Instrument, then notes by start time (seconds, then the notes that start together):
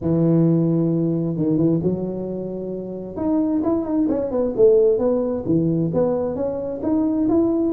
tuba
0.01 E3
1.36 D#3
1.57 E3
1.82 F#3
3.16 D#4
3.63 E4
3.84 D#4
4.08 C#4
4.31 B3
4.56 A3
4.98 B3
5.45 E3
5.93 B3
6.35 C#4
6.82 D#4
7.28 E4